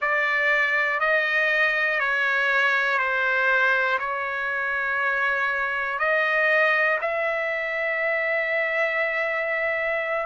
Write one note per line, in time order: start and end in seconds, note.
0.01 1.00 D5
1.00 1.99 D#5
1.99 2.98 C#5
2.98 3.98 C5
3.99 5.99 C#5
5.99 6.99 D#5
7.01 10.26 E5